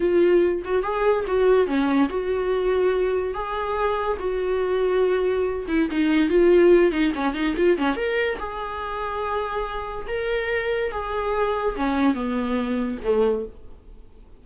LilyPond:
\new Staff \with { instrumentName = "viola" } { \time 4/4 \tempo 4 = 143 f'4. fis'8 gis'4 fis'4 | cis'4 fis'2. | gis'2 fis'2~ | fis'4. e'8 dis'4 f'4~ |
f'8 dis'8 cis'8 dis'8 f'8 cis'8 ais'4 | gis'1 | ais'2 gis'2 | cis'4 b2 a4 | }